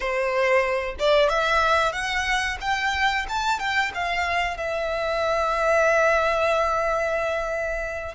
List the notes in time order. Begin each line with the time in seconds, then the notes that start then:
0.00 C5
0.99 D5
1.29 E5
1.92 F#5
2.61 G5
3.28 A5
3.59 G5
3.94 F5
4.57 E5